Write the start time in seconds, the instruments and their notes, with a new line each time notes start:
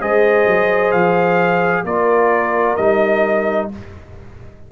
0.00 tuba G#3, trombone G#4, horn C5, trumpet D#5
0.47 tuba F#3
0.92 tuba F3, trumpet F5
1.84 tuba A#3, trombone F4, horn A#4, trumpet D5
2.76 tuba G3, trombone D#4, trumpet D#5